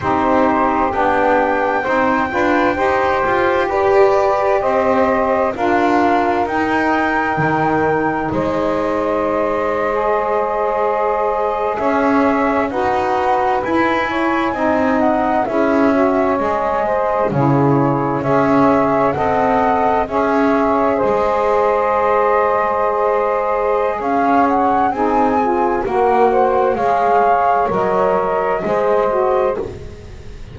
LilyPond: <<
  \new Staff \with { instrumentName = "flute" } { \time 4/4 \tempo 4 = 65 c''4 g''2. | d''4 dis''4 f''4 g''4~ | g''4 dis''2.~ | dis''8. e''4 fis''4 gis''4~ gis''16~ |
gis''16 fis''8 e''4 dis''4 cis''4 e''16~ | e''8. fis''4 e''4 dis''4~ dis''16~ | dis''2 f''8 fis''8 gis''4 | fis''4 f''4 dis''2 | }
  \new Staff \with { instrumentName = "saxophone" } { \time 4/4 g'2 c''8 b'8 c''4 | b'4 c''4 ais'2~ | ais'4 c''2.~ | c''8. cis''4 b'4. cis''8 dis''16~ |
dis''8. gis'8 cis''4 c''8 gis'4 cis''16~ | cis''8. dis''4 cis''4 c''4~ c''16~ | c''2 cis''4 gis'4 | ais'8 c''8 cis''2 c''4 | }
  \new Staff \with { instrumentName = "saxophone" } { \time 4/4 dis'4 d'4 dis'8 f'8 g'4~ | g'2 f'4 dis'4~ | dis'2~ dis'8. gis'4~ gis'16~ | gis'4.~ gis'16 fis'4 e'4 dis'16~ |
dis'8. e'8 fis'8 gis'4 e'4 gis'16~ | gis'8. a'4 gis'2~ gis'16~ | gis'2. dis'8 f'8 | fis'4 gis'4 ais'4 gis'8 fis'8 | }
  \new Staff \with { instrumentName = "double bass" } { \time 4/4 c'4 b4 c'8 d'8 dis'8 f'8 | g'4 c'4 d'4 dis'4 | dis4 gis2.~ | gis8. cis'4 dis'4 e'4 c'16~ |
c'8. cis'4 gis4 cis4 cis'16~ | cis'8. c'4 cis'4 gis4~ gis16~ | gis2 cis'4 c'4 | ais4 gis4 fis4 gis4 | }
>>